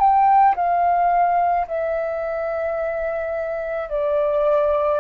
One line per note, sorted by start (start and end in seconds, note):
0.00 0.56 G5
0.56 1.67 F5
1.68 3.89 E5
3.89 5.01 D5